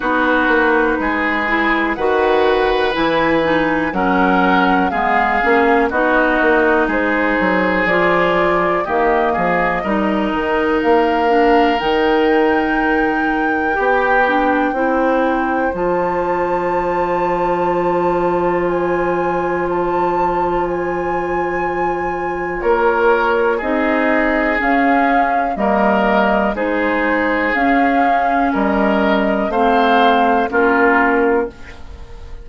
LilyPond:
<<
  \new Staff \with { instrumentName = "flute" } { \time 4/4 \tempo 4 = 61 b'2 fis''4 gis''4 | fis''4 f''4 dis''4 c''4 | d''4 dis''2 f''4 | g''1 |
a''2. gis''4 | a''4 gis''2 cis''4 | dis''4 f''4 dis''4 c''4 | f''4 dis''4 f''4 ais'4 | }
  \new Staff \with { instrumentName = "oboe" } { \time 4/4 fis'4 gis'4 b'2 | ais'4 gis'4 fis'4 gis'4~ | gis'4 g'8 gis'8 ais'2~ | ais'2 g'4 c''4~ |
c''1~ | c''2. ais'4 | gis'2 ais'4 gis'4~ | gis'4 ais'4 c''4 f'4 | }
  \new Staff \with { instrumentName = "clarinet" } { \time 4/4 dis'4. e'8 fis'4 e'8 dis'8 | cis'4 b8 cis'8 dis'2 | f'4 ais4 dis'4. d'8 | dis'2 g'8 d'8 e'4 |
f'1~ | f'1 | dis'4 cis'4 ais4 dis'4 | cis'2 c'4 cis'4 | }
  \new Staff \with { instrumentName = "bassoon" } { \time 4/4 b8 ais8 gis4 dis4 e4 | fis4 gis8 ais8 b8 ais8 gis8 fis8 | f4 dis8 f8 g8 dis8 ais4 | dis2 b4 c'4 |
f1~ | f2. ais4 | c'4 cis'4 g4 gis4 | cis'4 g4 a4 ais4 | }
>>